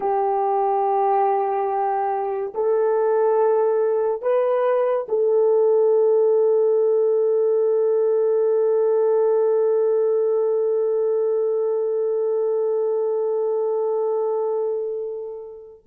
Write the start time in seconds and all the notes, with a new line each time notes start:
0.00 G4
2.54 A4
4.22 B4
5.08 A4